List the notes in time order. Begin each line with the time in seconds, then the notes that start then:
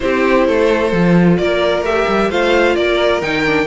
0.00 C4 E4 G4 C5
0.47 A3 A4
0.92 F3 F4
1.37 A#3 A#4 D5
1.81 A3 G4 E5
2.08 G3
2.30 A3 F4 C5 F5
2.75 A#3 A#4 D5
3.21 D#3 D#4 G5
3.46 D4